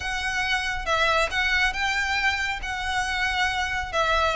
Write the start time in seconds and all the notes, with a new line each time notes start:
0.00 F#5
0.85 E5
1.30 F#5
1.73 G5
2.62 F#5
3.92 E5